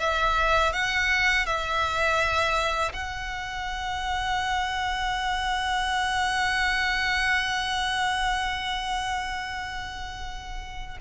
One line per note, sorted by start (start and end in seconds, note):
0.00 0.73 E5
0.73 1.46 F#5
1.46 2.93 E5
2.93 10.98 F#5